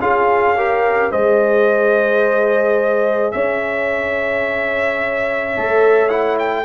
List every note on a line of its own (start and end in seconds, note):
0.00 1.11 C#4
0.00 0.56 F4
0.00 0.56 G#4
0.00 1.12 F5
0.56 1.12 G4
0.56 1.12 A#4
1.12 3.34 G#3
1.12 5.57 G#4
1.12 3.34 C5
1.12 3.32 D#5
3.32 5.57 C#4
3.32 6.65 C#5
3.32 6.09 E5
5.57 6.65 A3
5.57 6.10 A4
6.09 6.65 E4
6.09 6.37 F#5
6.39 6.65 G5